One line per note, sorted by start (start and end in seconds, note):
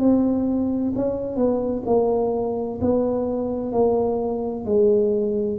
0.00 0.94 C4
0.96 1.36 C#4
1.36 1.83 B3
1.86 2.80 A#3
2.82 3.72 B3
3.72 4.66 A#3
4.66 5.59 G#3